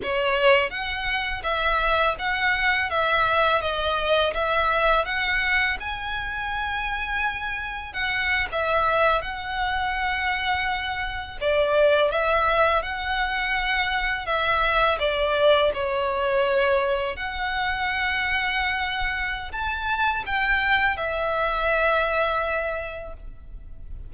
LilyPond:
\new Staff \with { instrumentName = "violin" } { \time 4/4 \tempo 4 = 83 cis''4 fis''4 e''4 fis''4 | e''4 dis''4 e''4 fis''4 | gis''2. fis''8. e''16~ | e''8. fis''2. d''16~ |
d''8. e''4 fis''2 e''16~ | e''8. d''4 cis''2 fis''16~ | fis''2. a''4 | g''4 e''2. | }